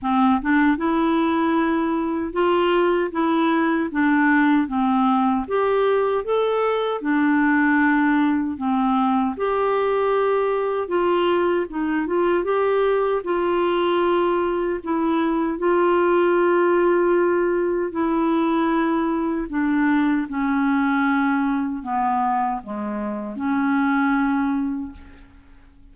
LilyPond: \new Staff \with { instrumentName = "clarinet" } { \time 4/4 \tempo 4 = 77 c'8 d'8 e'2 f'4 | e'4 d'4 c'4 g'4 | a'4 d'2 c'4 | g'2 f'4 dis'8 f'8 |
g'4 f'2 e'4 | f'2. e'4~ | e'4 d'4 cis'2 | b4 gis4 cis'2 | }